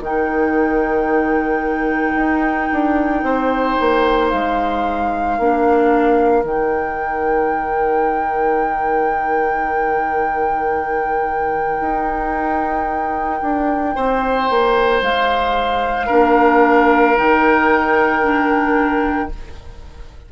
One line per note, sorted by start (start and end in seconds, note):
0.00 2.14 D#3
0.00 5.40 D#4
0.00 3.24 A#4
0.00 4.29 G5
2.15 2.69 D#4
2.72 3.22 D4
3.22 3.76 C4
3.22 5.37 C5
3.79 4.33 A#3
4.29 5.38 G#3
4.29 6.43 F5
5.37 6.43 A#3
5.37 6.43 D4
5.37 13.95 A#4
6.43 11.78 D#3
6.43 16.07 D#4
6.43 15.02 G5
11.80 13.41 D#4
13.41 13.95 D4
13.95 14.50 C4
13.95 16.06 C5
14.50 15.01 A#3
15.01 16.08 G#3
15.01 17.17 F5
16.06 17.17 A#3
16.06 17.15 D4
16.06 19.27 A#4
17.16 19.31 D#3
17.16 18.22 D#4
17.16 19.31 G5
18.22 19.29 D4